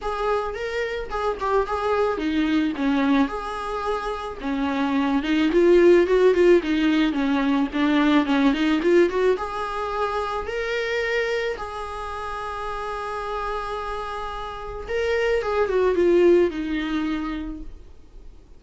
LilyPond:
\new Staff \with { instrumentName = "viola" } { \time 4/4 \tempo 4 = 109 gis'4 ais'4 gis'8 g'8 gis'4 | dis'4 cis'4 gis'2 | cis'4. dis'8 f'4 fis'8 f'8 | dis'4 cis'4 d'4 cis'8 dis'8 |
f'8 fis'8 gis'2 ais'4~ | ais'4 gis'2.~ | gis'2. ais'4 | gis'8 fis'8 f'4 dis'2 | }